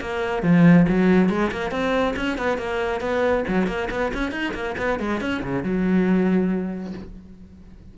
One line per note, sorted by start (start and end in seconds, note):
0.00 0.42 A#3
0.42 0.86 F3
0.88 1.29 F#3
1.29 1.51 G#3
1.51 1.71 A#3
1.71 2.14 C4
2.16 2.37 C#4
2.37 2.57 B3
2.57 3.00 A#3
3.00 3.44 B3
3.47 3.66 F#3
3.66 3.88 A#3
3.90 4.12 B3
4.13 4.31 C#4
4.31 4.53 D#4
4.54 4.75 A#3
4.77 4.99 B3
4.99 5.20 G#3
5.20 5.42 C#4
5.42 5.63 C#3
5.63 6.93 F#3